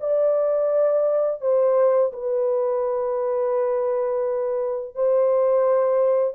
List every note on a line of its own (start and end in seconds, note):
0.00 1.41 D5
1.41 2.11 C5
2.12 4.95 B4
4.95 6.34 C5